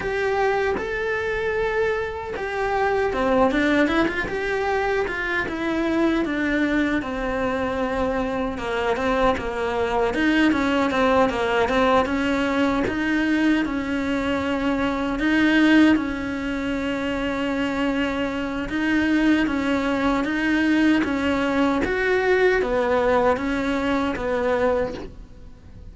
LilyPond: \new Staff \with { instrumentName = "cello" } { \time 4/4 \tempo 4 = 77 g'4 a'2 g'4 | c'8 d'8 e'16 f'16 g'4 f'8 e'4 | d'4 c'2 ais8 c'8 | ais4 dis'8 cis'8 c'8 ais8 c'8 cis'8~ |
cis'8 dis'4 cis'2 dis'8~ | dis'8 cis'2.~ cis'8 | dis'4 cis'4 dis'4 cis'4 | fis'4 b4 cis'4 b4 | }